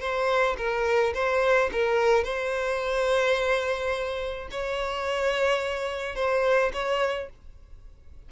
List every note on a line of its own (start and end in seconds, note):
0.00 0.56 C5
0.57 1.13 A#4
1.14 1.70 C5
1.72 2.24 A#4
2.24 4.48 C5
4.51 6.16 C#5
6.16 6.72 C5
6.73 7.29 C#5